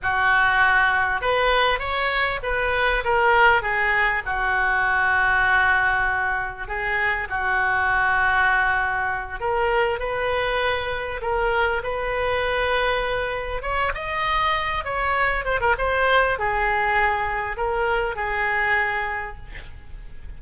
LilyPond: \new Staff \with { instrumentName = "oboe" } { \time 4/4 \tempo 4 = 99 fis'2 b'4 cis''4 | b'4 ais'4 gis'4 fis'4~ | fis'2. gis'4 | fis'2.~ fis'8 ais'8~ |
ais'8 b'2 ais'4 b'8~ | b'2~ b'8 cis''8 dis''4~ | dis''8 cis''4 c''16 ais'16 c''4 gis'4~ | gis'4 ais'4 gis'2 | }